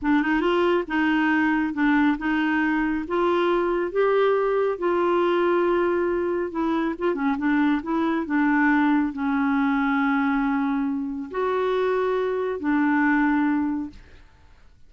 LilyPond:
\new Staff \with { instrumentName = "clarinet" } { \time 4/4 \tempo 4 = 138 d'8 dis'8 f'4 dis'2 | d'4 dis'2 f'4~ | f'4 g'2 f'4~ | f'2. e'4 |
f'8 cis'8 d'4 e'4 d'4~ | d'4 cis'2.~ | cis'2 fis'2~ | fis'4 d'2. | }